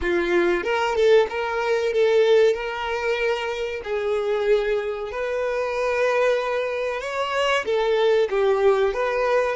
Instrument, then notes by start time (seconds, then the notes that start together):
violin
0.01 F4
0.63 A#4
0.95 A4
1.29 A#4
1.92 A4
2.54 A#4
3.84 G#4
5.11 B4
7.00 C#5
7.65 A4
8.29 G4
8.93 B4